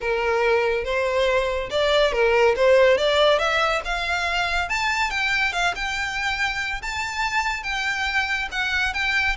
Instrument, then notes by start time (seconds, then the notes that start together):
violin
0.00 A#4
0.84 C5
1.70 D5
2.12 A#4
2.56 C5
2.97 D5
3.38 E5
3.84 F5
4.69 A5
5.10 G5
5.53 F5
5.75 G5
6.81 A5
7.63 G5
8.51 F#5
8.93 G5